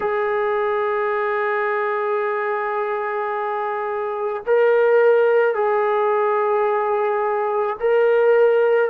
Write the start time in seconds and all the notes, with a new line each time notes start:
0.00 G#4
4.46 A#4
5.54 G#4
7.80 A#4